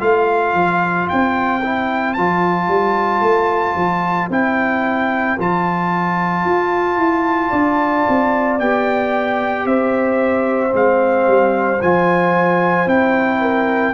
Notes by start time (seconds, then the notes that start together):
0.00 A3 F4 C5 F5
0.54 F3
1.09 C4 G5
1.63 E4
2.14 F3 F4 A5
2.68 G3
3.21 A3
3.75 F3
4.29 C4 E4 G5
5.39 F3 F4 A5
6.45 F4
6.97 E4
7.50 D4 D5
8.08 C4
8.59 B3 G4 G5
9.65 C4 C5 E5
10.70 G#3 C4 F5
11.27 G3
11.81 F3 F4 G#5
12.86 C4 E4 G5
13.40 A#4